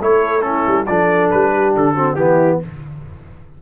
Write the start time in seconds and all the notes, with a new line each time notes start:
0.00 A3 E4 A4 C#5
0.42 C#4 E4 A4
0.67 G3
0.86 F3 D4 A4 D5
1.30 G3 B4
1.53 G4
1.76 D3 A4
1.94 C4 F#4
2.15 E3 B3 E4 G4